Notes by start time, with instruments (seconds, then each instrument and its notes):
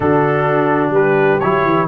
0.00 tuba D3, trombone D4, horn F#4, trumpet A4
0.90 tuba G3, horn G4, trumpet B4
1.39 tuba F#3, trombone E4, trumpet C#5
1.65 tuba E3